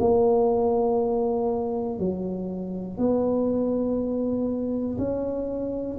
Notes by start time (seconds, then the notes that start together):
0.00 A#3
1.99 F#3
2.98 B3
4.99 C#4